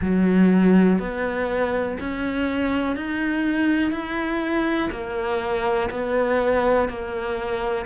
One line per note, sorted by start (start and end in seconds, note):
0.00 0.99 F#3
0.99 1.97 B3
2.00 2.96 C#4
2.96 3.91 D#4
3.91 4.90 E4
4.91 5.89 A#3
5.90 6.89 B3
6.89 7.85 A#3